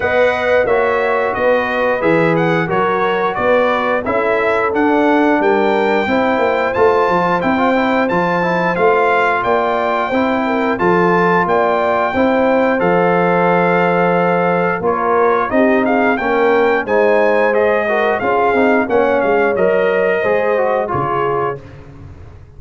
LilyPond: <<
  \new Staff \with { instrumentName = "trumpet" } { \time 4/4 \tempo 4 = 89 fis''4 e''4 dis''4 e''8 fis''8 | cis''4 d''4 e''4 fis''4 | g''2 a''4 g''4 | a''4 f''4 g''2 |
a''4 g''2 f''4~ | f''2 cis''4 dis''8 f''8 | g''4 gis''4 dis''4 f''4 | fis''8 f''8 dis''2 cis''4 | }
  \new Staff \with { instrumentName = "horn" } { \time 4/4 dis''4 cis''4 b'2 | ais'4 b'4 a'2 | ais'4 c''2.~ | c''2 d''4 c''8 ais'8 |
a'4 d''4 c''2~ | c''2 ais'4 g'8 gis'8 | ais'4 c''4. ais'8 gis'4 | cis''2 c''4 gis'4 | }
  \new Staff \with { instrumentName = "trombone" } { \time 4/4 b'4 fis'2 gis'4 | fis'2 e'4 d'4~ | d'4 e'4 f'4 e'16 f'16 e'8 | f'8 e'8 f'2 e'4 |
f'2 e'4 a'4~ | a'2 f'4 dis'4 | cis'4 dis'4 gis'8 fis'8 f'8 dis'8 | cis'4 ais'4 gis'8 fis'8 f'4 | }
  \new Staff \with { instrumentName = "tuba" } { \time 4/4 b4 ais4 b4 e4 | fis4 b4 cis'4 d'4 | g4 c'8 ais8 a8 f8 c'4 | f4 a4 ais4 c'4 |
f4 ais4 c'4 f4~ | f2 ais4 c'4 | ais4 gis2 cis'8 c'8 | ais8 gis8 fis4 gis4 cis4 | }
>>